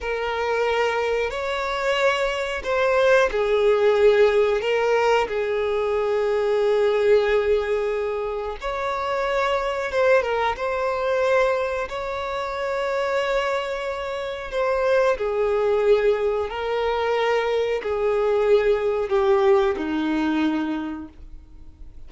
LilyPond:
\new Staff \with { instrumentName = "violin" } { \time 4/4 \tempo 4 = 91 ais'2 cis''2 | c''4 gis'2 ais'4 | gis'1~ | gis'4 cis''2 c''8 ais'8 |
c''2 cis''2~ | cis''2 c''4 gis'4~ | gis'4 ais'2 gis'4~ | gis'4 g'4 dis'2 | }